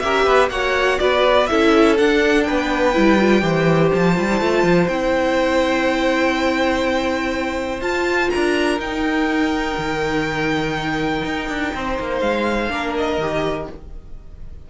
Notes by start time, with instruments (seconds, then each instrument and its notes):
0.00 cello C#4, viola G4, violin A#4 E5
0.25 cello B3, violin B4
0.50 cello A#3, viola F#4, violin C#5 F#5
0.99 cello B3, violin B4 D5
1.47 cello C#4, viola E4, violin A4 E5
1.98 viola D4, cello D4, violin F#5
2.43 violin B4 G5
2.49 cello B3
2.93 cello G3, viola E4
3.20 viola F4
3.42 cello E3, viola G4, violin C5
3.94 cello F3, violin A5
4.15 cello G3, viola F4
4.32 viola E4
4.40 cello A3, viola F4
4.63 cello F3
4.88 cello C4, viola E4, violin G5
7.81 cello F4, viola F4, violin A5
8.30 cello D4, violin A#4 A#5
8.78 cello D#4, viola D#4, violin G5
9.77 cello D#3
11.25 cello D#4
11.49 cello D4
11.74 cello C4, violin C5
12.00 cello A#3
12.20 cello G#3, violin F5
12.69 cello A#3, viola D4, violin A#4
12.97 violin D#5
13.18 cello D#3, viola G4